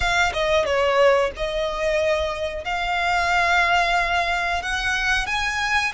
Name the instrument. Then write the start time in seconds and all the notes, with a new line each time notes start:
violin
0.00 F5
0.33 D#5
0.65 C#5
1.36 D#5
2.64 F5
4.62 F#5
5.26 G#5